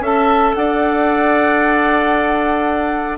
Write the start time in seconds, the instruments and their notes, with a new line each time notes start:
0.00 bassoon C#4, clarinet A4, oboe E5, flute A5
0.55 bassoon D4, oboe D5, flute F#5